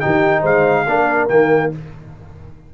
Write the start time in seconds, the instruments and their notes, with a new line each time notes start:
0.00 tuba D#3, trombone D#4, horn G4, trumpet G5
0.41 tuba G#3, horn C5, trumpet F5
0.87 tuba A#3, trombone D4, horn A#4
1.29 tuba D#3, trombone A#3, trumpet G5